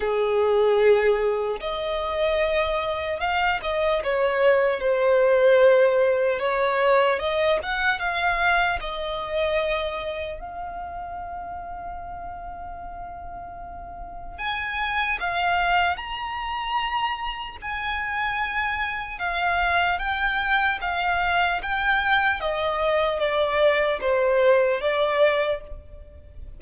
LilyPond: \new Staff \with { instrumentName = "violin" } { \time 4/4 \tempo 4 = 75 gis'2 dis''2 | f''8 dis''8 cis''4 c''2 | cis''4 dis''8 fis''8 f''4 dis''4~ | dis''4 f''2.~ |
f''2 gis''4 f''4 | ais''2 gis''2 | f''4 g''4 f''4 g''4 | dis''4 d''4 c''4 d''4 | }